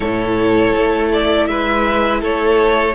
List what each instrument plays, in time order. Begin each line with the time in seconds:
0.00 cello A2, viola E4, violin A4 C#5
0.76 cello A3
1.12 violin D5
1.46 cello G#3, violin B4 E5
2.21 cello A3, violin A4 C#5